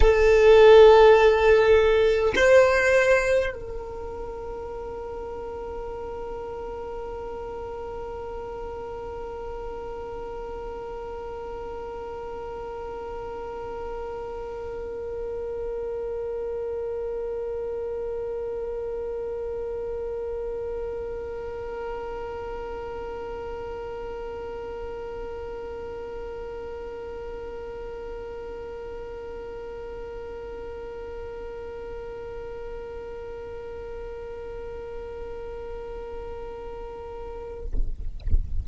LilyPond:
\new Staff \with { instrumentName = "violin" } { \time 4/4 \tempo 4 = 51 a'2 c''4 ais'4~ | ais'1~ | ais'1~ | ais'1~ |
ais'1~ | ais'1~ | ais'1~ | ais'1 | }